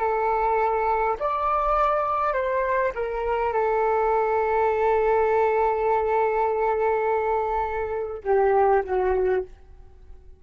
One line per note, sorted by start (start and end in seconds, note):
0.00 1.18 A4
1.20 2.33 D5
2.33 2.92 C5
2.95 3.53 A#4
3.53 8.24 A4
8.24 8.83 G4
8.84 9.43 F#4